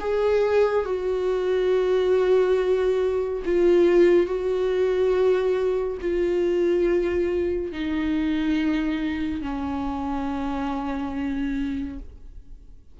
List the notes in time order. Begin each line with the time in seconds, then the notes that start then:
0.00 G#4
0.85 F#4
3.45 F4
4.26 F#4
6.01 F4
7.72 D#4
9.42 C#4